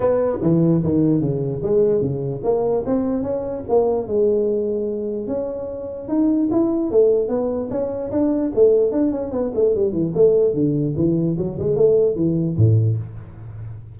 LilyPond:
\new Staff \with { instrumentName = "tuba" } { \time 4/4 \tempo 4 = 148 b4 e4 dis4 cis4 | gis4 cis4 ais4 c'4 | cis'4 ais4 gis2~ | gis4 cis'2 dis'4 |
e'4 a4 b4 cis'4 | d'4 a4 d'8 cis'8 b8 a8 | g8 e8 a4 d4 e4 | fis8 gis8 a4 e4 a,4 | }